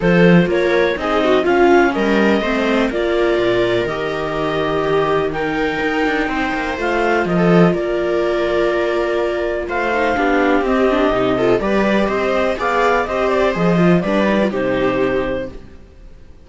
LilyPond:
<<
  \new Staff \with { instrumentName = "clarinet" } { \time 4/4 \tempo 4 = 124 c''4 cis''4 dis''4 f''4 | dis''2 d''2 | dis''2. g''4~ | g''2 f''4 dis''4 |
d''1 | f''2 dis''2 | d''4 dis''4 f''4 dis''8 d''8 | dis''4 d''4 c''2 | }
  \new Staff \with { instrumentName = "viola" } { \time 4/4 a'4 ais'4 gis'8 fis'8 f'4 | ais'4 c''4 ais'2~ | ais'2 g'4 ais'4~ | ais'4 c''2 ais'16 a'8. |
ais'1 | c''4 g'2~ g'8 a'8 | b'4 c''4 d''4 c''4~ | c''4 b'4 g'2 | }
  \new Staff \with { instrumentName = "viola" } { \time 4/4 f'2 dis'4 cis'4~ | cis'4 c'4 f'2 | g'2. dis'4~ | dis'2 f'2~ |
f'1~ | f'8 dis'8 d'4 c'8 d'8 dis'8 f'8 | g'2 gis'4 g'4 | gis'8 f'8 d'8 dis'16 f'16 dis'2 | }
  \new Staff \with { instrumentName = "cello" } { \time 4/4 f4 ais4 c'4 cis'4 | g4 a4 ais4 ais,4 | dis1 | dis'8 d'8 c'8 ais8 a4 f4 |
ais1 | a4 b4 c'4 c4 | g4 c'4 b4 c'4 | f4 g4 c2 | }
>>